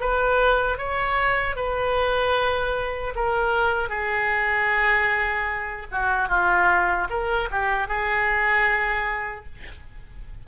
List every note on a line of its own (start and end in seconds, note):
0.00 0.78 B4
0.78 1.56 C#5
1.56 3.14 B4
3.15 3.89 A#4
3.89 5.86 G#4
5.91 6.29 F#4
6.29 7.08 F4
7.09 7.49 A#4
7.51 7.88 G4
7.88 9.46 G#4